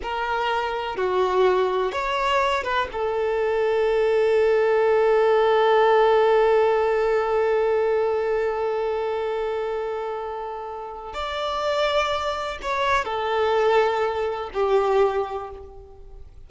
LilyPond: \new Staff \with { instrumentName = "violin" } { \time 4/4 \tempo 4 = 124 ais'2 fis'2 | cis''4. b'8 a'2~ | a'1~ | a'1~ |
a'1~ | a'2. d''4~ | d''2 cis''4 a'4~ | a'2 g'2 | }